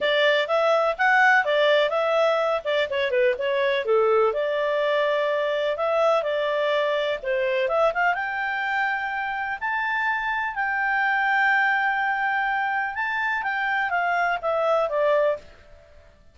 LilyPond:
\new Staff \with { instrumentName = "clarinet" } { \time 4/4 \tempo 4 = 125 d''4 e''4 fis''4 d''4 | e''4. d''8 cis''8 b'8 cis''4 | a'4 d''2. | e''4 d''2 c''4 |
e''8 f''8 g''2. | a''2 g''2~ | g''2. a''4 | g''4 f''4 e''4 d''4 | }